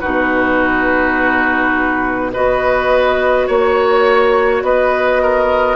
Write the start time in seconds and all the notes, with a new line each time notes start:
0.00 B2 D#4 F#4 B4
2.32 B3 F#4 B4 D#5
3.47 A#3 C#5
4.62 B3 B4 D#5
5.22 A#4